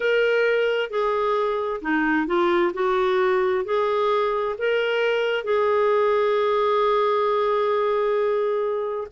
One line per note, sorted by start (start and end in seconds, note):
0.00 0.90 A#4
0.90 1.81 G#4
1.81 2.26 D#4
2.26 2.72 F4
2.73 3.64 F#4
3.64 4.55 G#4
4.58 5.43 A#4
5.43 9.07 G#4